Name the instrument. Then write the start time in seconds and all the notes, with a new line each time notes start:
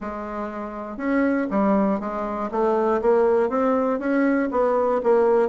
bassoon
0.00 G#3
0.97 C#4
1.50 G3
2.00 G#3
2.51 A3
3.01 A#3
3.49 C4
3.99 C#4
4.51 B3
5.02 A#3